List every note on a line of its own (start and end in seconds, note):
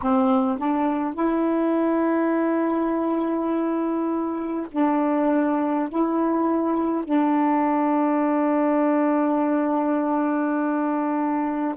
0.02 0.58 C4
0.58 1.13 D4
1.13 4.66 E4
4.71 5.89 D4
5.89 7.04 E4
7.04 11.75 D4